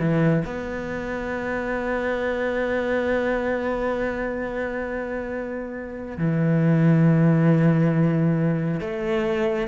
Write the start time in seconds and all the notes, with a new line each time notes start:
0.00 E3
0.45 B3
6.18 E3
8.81 A3